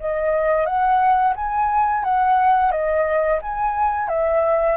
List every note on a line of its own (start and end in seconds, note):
0.00 0.66 D#5
0.66 1.34 F#5
1.36 2.04 G#5
2.04 2.72 F#5
2.72 3.40 D#5
3.42 4.09 G#5
4.09 4.77 E5